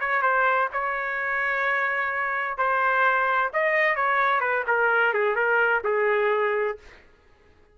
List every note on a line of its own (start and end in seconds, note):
0.00 0.22 C#5
0.22 0.69 C5
0.73 2.58 C#5
2.58 3.52 C5
3.53 3.96 D#5
3.96 4.41 C#5
4.41 4.64 B4
4.67 5.13 A#4
5.13 5.35 G#4
5.35 5.82 A#4
5.84 6.78 G#4